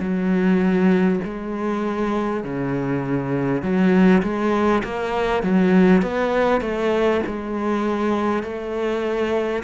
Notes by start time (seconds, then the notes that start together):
0.00 F#3
1.24 G#3
2.43 C#3
3.62 F#3
4.23 G#3
4.83 A#3
5.43 F#3
6.02 B3
6.61 A3
7.27 G#3
8.43 A3